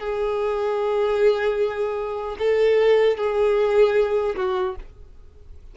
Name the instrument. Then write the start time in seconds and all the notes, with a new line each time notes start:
violin
0.00 G#4
2.39 A4
3.18 G#4
4.36 F#4